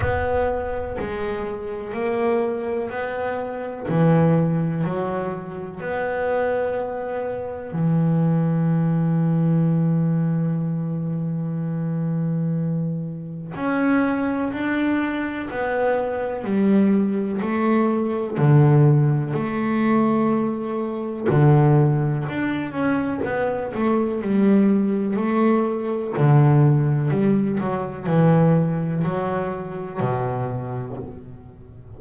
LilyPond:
\new Staff \with { instrumentName = "double bass" } { \time 4/4 \tempo 4 = 62 b4 gis4 ais4 b4 | e4 fis4 b2 | e1~ | e2 cis'4 d'4 |
b4 g4 a4 d4 | a2 d4 d'8 cis'8 | b8 a8 g4 a4 d4 | g8 fis8 e4 fis4 b,4 | }